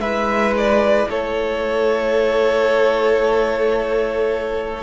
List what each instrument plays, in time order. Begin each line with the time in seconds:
0.00 cello G#3, viola E4, violin B4 E5
0.57 violin D5
1.08 cello A3, violin A4 C#5